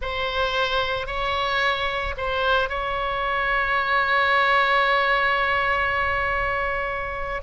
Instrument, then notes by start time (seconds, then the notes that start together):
oboe
0.01 C5
1.06 C#5
2.17 C5
2.69 C#5